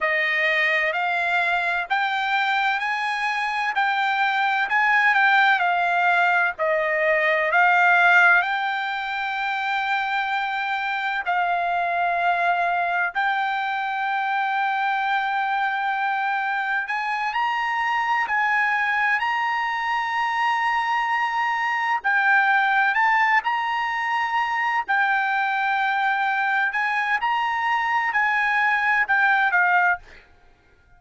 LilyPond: \new Staff \with { instrumentName = "trumpet" } { \time 4/4 \tempo 4 = 64 dis''4 f''4 g''4 gis''4 | g''4 gis''8 g''8 f''4 dis''4 | f''4 g''2. | f''2 g''2~ |
g''2 gis''8 ais''4 gis''8~ | gis''8 ais''2. g''8~ | g''8 a''8 ais''4. g''4.~ | g''8 gis''8 ais''4 gis''4 g''8 f''8 | }